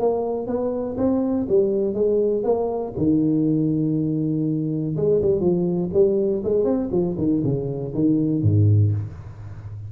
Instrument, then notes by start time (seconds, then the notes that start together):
tuba
0.00 A#3
0.47 B3
0.98 C4
1.49 G3
1.94 G#3
2.44 A#3
2.98 D#3
4.97 G#3
5.22 G3
5.41 F3
5.93 G3
6.44 G#3
6.65 C4
6.92 F3
7.18 D#3
7.44 C#3
7.94 D#3
8.43 G#2